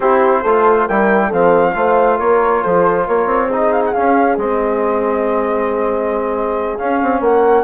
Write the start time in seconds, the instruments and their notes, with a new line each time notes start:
0.00 bassoon C4, trombone E4, horn G4, flute C5
0.41 bassoon A3, trombone F4, horn A4
0.87 bassoon G3, trombone E4, horn A#4, flute G5
1.27 bassoon F3, trombone C4, horn A4, flute F5
1.74 bassoon A3, trombone F4, horn C5
2.18 bassoon A#3, horn A#4, flute C#5
2.62 bassoon F3, horn A4, flute C5
3.06 bassoon A#3, horn A#4, flute C#5
3.25 bassoon C4
3.47 trombone D#4, horn G#4, flute D#5
3.71 flute F5
3.85 flute F#5
3.93 trombone C#4, bassoon C#4, flute F5
4.37 bassoon G#3, trombone C4, flute D#5
6.77 trombone C#4, bassoon C#4, flute F5
7.02 bassoon C4
7.20 bassoon A#3, horn A#4, flute F#5